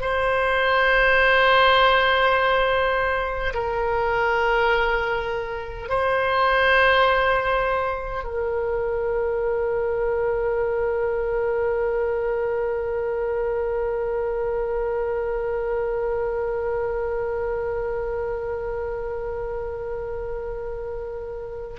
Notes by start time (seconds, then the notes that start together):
0.00 C5
3.53 A#4
5.89 C5
8.24 A#4